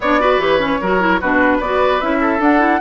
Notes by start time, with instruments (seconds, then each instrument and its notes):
0.00 bassoon B3, clarinet D4, oboe C#5, flute D5
0.20 clarinet F#4, oboe B4
0.37 bassoon E3, clarinet G4, flute C#5
0.59 clarinet C#4
0.80 bassoon F#3, clarinet F#4, oboe A#4
0.99 clarinet E4
1.20 bassoon B2, clarinet D4, oboe F#4, flute B4
1.57 bassoon B3, oboe B4, flute D5
1.64 clarinet F#4
2.01 bassoon C#4, clarinet E4, flute E5
2.20 oboe A4
2.39 clarinet D4, bassoon D4, flute F#5
2.58 clarinet E4